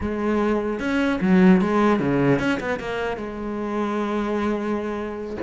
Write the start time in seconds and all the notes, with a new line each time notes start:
0.00 G#3
0.79 C#4
1.21 F#3
1.61 G#3
1.99 C#3
2.39 C#4
2.59 B3
2.79 A#3
3.16 G#3